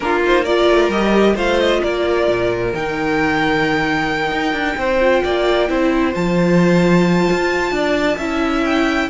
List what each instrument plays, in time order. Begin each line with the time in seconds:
0.00 cello A#3, viola D4, violin F4 A#4
0.24 viola D#4, violin C5
0.43 viola F4, violin A#4 D5
0.69 cello A3
0.88 cello G3, viola G4, violin D#5
1.35 cello A3, viola F4, violin C5 F5
1.59 violin D#5
1.82 cello A#3, violin A#4 D5
2.28 cello A#2
2.73 cello D#3, viola D#4, violin G5
4.31 cello D#4
4.52 cello D4
4.76 cello C4, violin C5
5.00 viola F4
5.24 cello A#3, violin D5
5.68 cello C4, viola E4, violin C5
6.12 cello F3, viola F4, violin A5
7.30 cello F4
7.71 cello D4, violin D5
8.17 cello C#4, viola E4, violin E5
8.64 violin G5